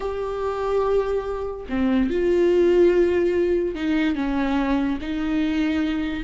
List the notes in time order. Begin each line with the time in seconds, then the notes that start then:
0.00 G4
1.69 C4
2.09 F4
3.75 D#4
4.15 C#4
5.01 D#4